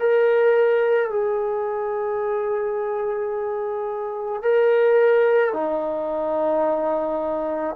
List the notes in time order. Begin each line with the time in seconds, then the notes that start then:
0.00 A#4
1.11 G#4
4.43 A#4
5.54 D#4